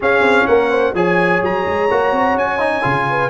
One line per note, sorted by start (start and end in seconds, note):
0.00 0.94 C#4
0.00 0.21 C#4
0.00 0.46 G#4
0.00 0.46 F5
0.21 0.45 C4
0.46 0.94 A#3
0.46 0.70 A#4
0.46 0.94 F#5
0.70 0.93 C5
0.94 1.41 F3
0.94 1.89 G#4
0.94 3.07 C#5
0.94 1.42 G#5
1.41 1.65 F#3
1.41 2.38 A#5
1.66 1.89 G#3
1.90 2.11 A#3
1.90 2.59 F#4
2.11 2.34 C4
2.34 2.81 C#4
2.34 3.29 G#5
2.59 2.82 D#4
2.82 3.29 C#3
2.82 3.29 F4
3.09 3.29 B4